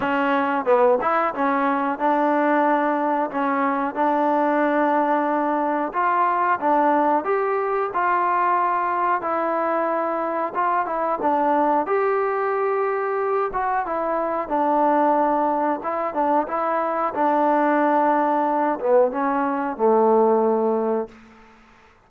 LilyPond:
\new Staff \with { instrumentName = "trombone" } { \time 4/4 \tempo 4 = 91 cis'4 b8 e'8 cis'4 d'4~ | d'4 cis'4 d'2~ | d'4 f'4 d'4 g'4 | f'2 e'2 |
f'8 e'8 d'4 g'2~ | g'8 fis'8 e'4 d'2 | e'8 d'8 e'4 d'2~ | d'8 b8 cis'4 a2 | }